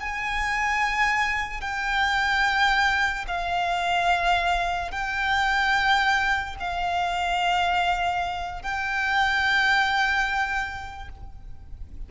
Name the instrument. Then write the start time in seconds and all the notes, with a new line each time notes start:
violin
0.00 G#5
1.61 G5
3.28 F5
4.91 G5
6.60 F5
8.63 G5